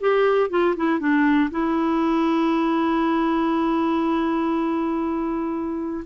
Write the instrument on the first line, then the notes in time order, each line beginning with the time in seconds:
clarinet
0.00 G4
0.50 F4
0.76 E4
0.99 D4
1.50 E4